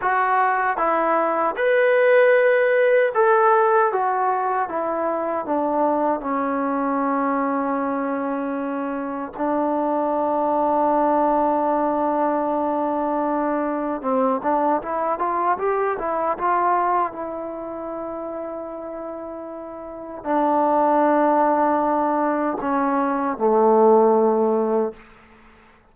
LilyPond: \new Staff \with { instrumentName = "trombone" } { \time 4/4 \tempo 4 = 77 fis'4 e'4 b'2 | a'4 fis'4 e'4 d'4 | cis'1 | d'1~ |
d'2 c'8 d'8 e'8 f'8 | g'8 e'8 f'4 e'2~ | e'2 d'2~ | d'4 cis'4 a2 | }